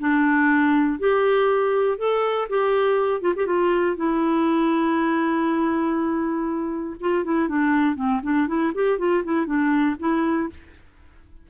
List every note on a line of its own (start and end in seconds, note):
0.00 1.00 D4
1.00 1.99 G4
1.99 2.49 A4
2.50 3.21 G4
3.21 3.34 F4
3.37 3.47 G4
3.47 3.97 F4
3.97 6.97 E4
7.01 7.25 F4
7.25 7.49 E4
7.49 7.96 D4
7.96 8.21 C4
8.23 8.48 D4
8.48 8.73 E4
8.75 8.99 G4
8.99 9.24 F4
9.25 9.46 E4
9.46 9.96 D4
10.00 10.50 E4